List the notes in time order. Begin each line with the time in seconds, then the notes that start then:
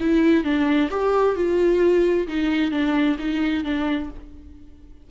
0.00 E4
0.44 D4
0.91 G4
1.36 F4
2.28 D#4
2.71 D4
3.19 D#4
3.64 D4